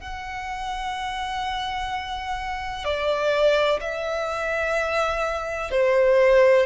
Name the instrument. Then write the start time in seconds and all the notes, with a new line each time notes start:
violin
0.00 F#5
2.84 D5
3.81 E5
5.71 C5